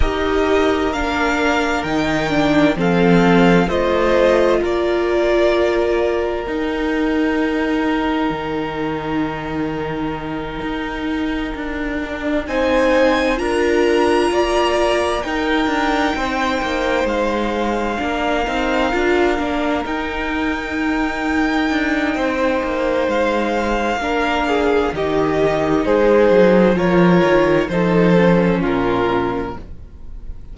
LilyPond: <<
  \new Staff \with { instrumentName = "violin" } { \time 4/4 \tempo 4 = 65 dis''4 f''4 g''4 f''4 | dis''4 d''2 g''4~ | g''1~ | g''4. gis''4 ais''4.~ |
ais''8 g''2 f''4.~ | f''4. g''2~ g''8~ | g''4 f''2 dis''4 | c''4 cis''4 c''4 ais'4 | }
  \new Staff \with { instrumentName = "violin" } { \time 4/4 ais'2. a'4 | c''4 ais'2.~ | ais'1~ | ais'4. c''4 ais'4 d''8~ |
d''8 ais'4 c''2 ais'8~ | ais'1 | c''2 ais'8 gis'8 g'4 | gis'4 ais'4 a'4 f'4 | }
  \new Staff \with { instrumentName = "viola" } { \time 4/4 g'4 d'4 dis'8 d'8 c'4 | f'2. dis'4~ | dis'1~ | dis'4 d'8 dis'4 f'4.~ |
f'8 dis'2. d'8 | dis'8 f'8 d'8 dis'2~ dis'8~ | dis'2 d'4 dis'4~ | dis'4 f'4 dis'8 cis'4. | }
  \new Staff \with { instrumentName = "cello" } { \time 4/4 dis'4 ais4 dis4 f4 | a4 ais2 dis'4~ | dis'4 dis2~ dis8 dis'8~ | dis'8 d'4 c'4 d'4 ais8~ |
ais8 dis'8 d'8 c'8 ais8 gis4 ais8 | c'8 d'8 ais8 dis'2 d'8 | c'8 ais8 gis4 ais4 dis4 | gis8 fis8 f8 dis8 f4 ais,4 | }
>>